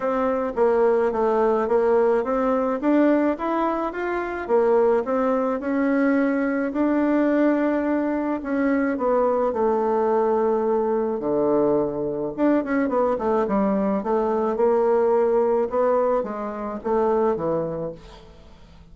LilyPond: \new Staff \with { instrumentName = "bassoon" } { \time 4/4 \tempo 4 = 107 c'4 ais4 a4 ais4 | c'4 d'4 e'4 f'4 | ais4 c'4 cis'2 | d'2. cis'4 |
b4 a2. | d2 d'8 cis'8 b8 a8 | g4 a4 ais2 | b4 gis4 a4 e4 | }